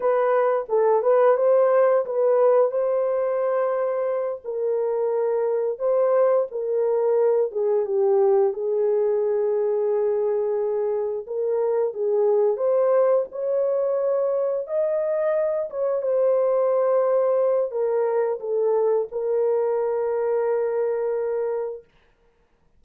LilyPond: \new Staff \with { instrumentName = "horn" } { \time 4/4 \tempo 4 = 88 b'4 a'8 b'8 c''4 b'4 | c''2~ c''8 ais'4.~ | ais'8 c''4 ais'4. gis'8 g'8~ | g'8 gis'2.~ gis'8~ |
gis'8 ais'4 gis'4 c''4 cis''8~ | cis''4. dis''4. cis''8 c''8~ | c''2 ais'4 a'4 | ais'1 | }